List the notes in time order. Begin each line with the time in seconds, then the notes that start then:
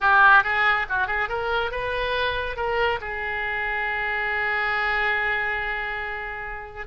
0.00 G4
0.43 G#4
0.89 F#4
1.07 G#4
1.29 A#4
1.71 B4
2.56 A#4
3.01 G#4